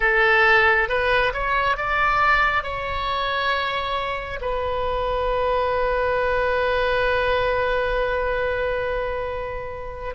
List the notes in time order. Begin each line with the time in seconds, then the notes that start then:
0.00 A4
0.88 B4
1.33 C#5
1.76 D5
2.63 C#5
4.41 B4